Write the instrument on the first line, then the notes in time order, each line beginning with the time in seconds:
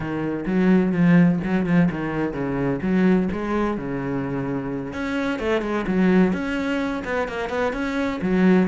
cello
0.00 D#3
0.45 F#3
0.92 F3
1.43 F#3
1.66 F3
1.91 D#3
2.33 C#3
2.81 F#3
3.32 G#3
3.77 C#3
4.93 C#4
5.39 A3
5.61 G#3
5.87 F#3
6.32 C#4
7.04 B3
7.27 A#3
7.49 B3
7.73 C#4
8.21 F#3